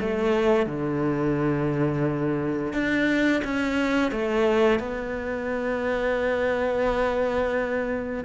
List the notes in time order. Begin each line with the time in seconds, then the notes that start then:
0.00 A3
0.66 D3
2.73 D4
3.44 C#4
4.11 A3
4.79 B3